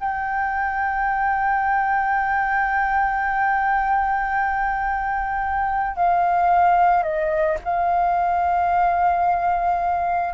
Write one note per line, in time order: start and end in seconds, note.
0.00 5.97 G5
5.97 7.03 F5
7.03 7.58 D#5
7.65 10.34 F5